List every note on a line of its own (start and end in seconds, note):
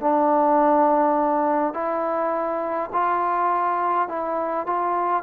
0.00 1.73 D4
1.73 2.90 E4
2.92 4.08 F4
4.08 4.66 E4
4.66 5.23 F4